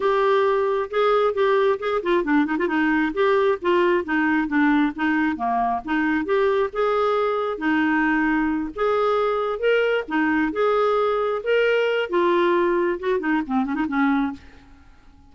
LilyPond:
\new Staff \with { instrumentName = "clarinet" } { \time 4/4 \tempo 4 = 134 g'2 gis'4 g'4 | gis'8 f'8 d'8 dis'16 f'16 dis'4 g'4 | f'4 dis'4 d'4 dis'4 | ais4 dis'4 g'4 gis'4~ |
gis'4 dis'2~ dis'8 gis'8~ | gis'4. ais'4 dis'4 gis'8~ | gis'4. ais'4. f'4~ | f'4 fis'8 dis'8 c'8 cis'16 dis'16 cis'4 | }